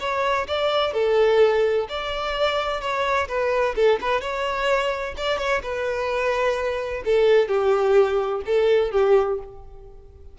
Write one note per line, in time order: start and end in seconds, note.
0.00 0.47 C#5
0.48 0.94 D5
0.94 1.87 A4
1.89 2.81 D5
2.81 3.28 C#5
3.28 3.75 B4
3.76 3.99 A4
4.01 4.21 B4
4.21 5.15 C#5
5.17 5.38 D5
5.38 5.62 C#5
5.62 7.03 B4
7.05 7.48 A4
7.48 8.42 G4
8.46 8.92 A4
8.92 9.39 G4